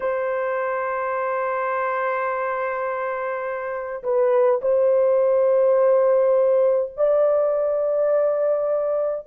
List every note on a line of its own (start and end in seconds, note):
0.00 4.02 C5
4.03 4.60 B4
4.61 6.92 C5
6.97 9.26 D5